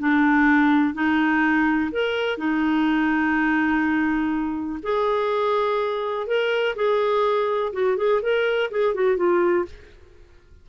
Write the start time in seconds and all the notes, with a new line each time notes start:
0.00 D4
0.95 D#4
1.92 A#4
2.38 D#4
4.83 G#4
6.27 A#4
6.76 G#4
7.74 F#4
7.98 G#4
8.22 A#4
8.71 G#4
8.95 F#4
9.17 F4